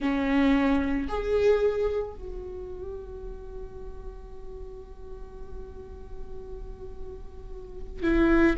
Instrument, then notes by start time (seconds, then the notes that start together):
viola
0.00 C#4
1.08 G#4
2.14 F#4
8.03 E4